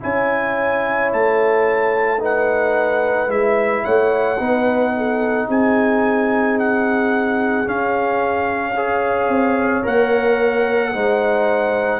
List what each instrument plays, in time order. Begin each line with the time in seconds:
0.00 tuba C#4, trombone E4, horn C#5, trumpet G#5
1.12 tuba A3, trumpet A5
2.20 trombone D#4, horn B4, trumpet F#5
3.28 tuba G#3, trombone E4, trumpet E5
3.84 tuba A3, horn C#5, trumpet F#5
4.38 tuba B3, trombone D#4, horn B4
4.97 horn A4
5.48 tuba C4, horn G#4, trumpet G#5
6.59 trumpet F#5
7.65 trombone C#4, tuba C#4, trumpet F5
8.74 trombone G#4, horn C#5
9.29 tuba C4
9.83 tuba A#3, trombone A#4, trumpet F#5
10.92 tuba G#3, trombone D#4, horn C5